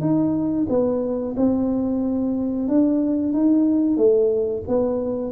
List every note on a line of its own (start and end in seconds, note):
0.00 0.66 D#4
0.69 1.35 B3
1.36 2.68 C4
2.68 3.33 D4
3.33 3.97 D#4
3.97 4.63 A3
4.67 5.31 B3